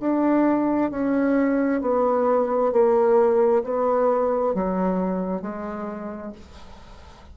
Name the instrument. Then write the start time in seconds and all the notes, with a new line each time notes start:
bassoon
0.00 D4
0.91 C#4
1.81 B3
2.72 A#3
3.64 B3
4.54 F#3
5.42 G#3